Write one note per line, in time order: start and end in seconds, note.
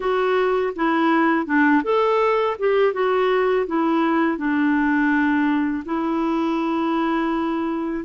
0.00 0.73 F#4
0.75 1.45 E4
1.45 1.82 D4
1.83 2.56 A4
2.58 2.93 G4
2.93 3.66 F#4
3.67 4.37 E4
4.37 5.83 D4
5.85 8.05 E4